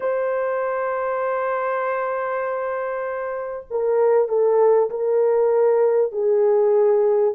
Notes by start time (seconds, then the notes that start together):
0.00 C5
3.70 A#4
4.28 A4
4.90 A#4
6.12 G#4